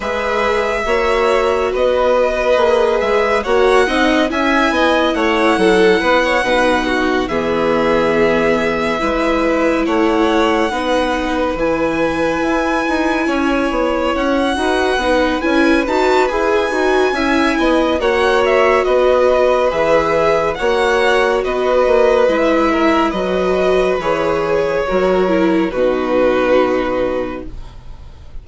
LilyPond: <<
  \new Staff \with { instrumentName = "violin" } { \time 4/4 \tempo 4 = 70 e''2 dis''4. e''8 | fis''4 gis''4 fis''2~ | fis''8 e''2. fis''8~ | fis''4. gis''2~ gis''8~ |
gis''8 fis''4. gis''8 a''8 gis''4~ | gis''4 fis''8 e''8 dis''4 e''4 | fis''4 dis''4 e''4 dis''4 | cis''2 b'2 | }
  \new Staff \with { instrumentName = "violin" } { \time 4/4 b'4 cis''4 b'2 | cis''8 dis''8 e''8 dis''8 cis''8 a'8 b'16 cis''16 b'8 | fis'8 gis'2 b'4 cis''8~ | cis''8 b'2. cis''8~ |
cis''4 b'2. | e''8 dis''8 cis''4 b'2 | cis''4 b'4. ais'8 b'4~ | b'4 ais'4 fis'2 | }
  \new Staff \with { instrumentName = "viola" } { \time 4/4 gis'4 fis'2 gis'4 | fis'8 dis'8 e'2~ e'8 dis'8~ | dis'8 b2 e'4.~ | e'8 dis'4 e'2~ e'8~ |
e'4 fis'8 dis'8 e'8 fis'8 gis'8 fis'8 | e'4 fis'2 gis'4 | fis'2 e'4 fis'4 | gis'4 fis'8 e'8 dis'2 | }
  \new Staff \with { instrumentName = "bassoon" } { \time 4/4 gis4 ais4 b4 ais8 gis8 | ais8 c'8 cis'8 b8 a8 fis8 b8 b,8~ | b,8 e2 gis4 a8~ | a8 b4 e4 e'8 dis'8 cis'8 |
b8 cis'8 dis'8 b8 cis'8 dis'8 e'8 dis'8 | cis'8 b8 ais4 b4 e4 | ais4 b8 ais8 gis4 fis4 | e4 fis4 b,2 | }
>>